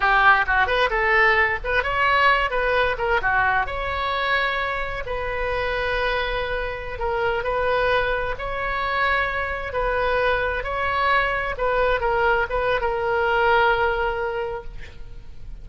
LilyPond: \new Staff \with { instrumentName = "oboe" } { \time 4/4 \tempo 4 = 131 g'4 fis'8 b'8 a'4. b'8 | cis''4. b'4 ais'8 fis'4 | cis''2. b'4~ | b'2.~ b'16 ais'8.~ |
ais'16 b'2 cis''4.~ cis''16~ | cis''4~ cis''16 b'2 cis''8.~ | cis''4~ cis''16 b'4 ais'4 b'8. | ais'1 | }